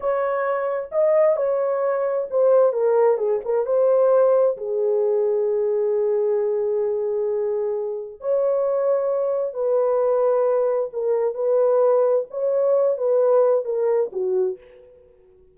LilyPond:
\new Staff \with { instrumentName = "horn" } { \time 4/4 \tempo 4 = 132 cis''2 dis''4 cis''4~ | cis''4 c''4 ais'4 gis'8 ais'8 | c''2 gis'2~ | gis'1~ |
gis'2 cis''2~ | cis''4 b'2. | ais'4 b'2 cis''4~ | cis''8 b'4. ais'4 fis'4 | }